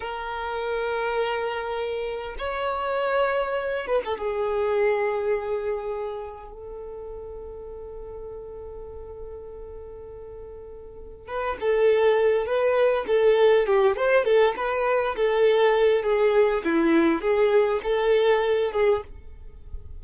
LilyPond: \new Staff \with { instrumentName = "violin" } { \time 4/4 \tempo 4 = 101 ais'1 | cis''2~ cis''8 b'16 a'16 gis'4~ | gis'2. a'4~ | a'1~ |
a'2. b'8 a'8~ | a'4 b'4 a'4 g'8 c''8 | a'8 b'4 a'4. gis'4 | e'4 gis'4 a'4. gis'8 | }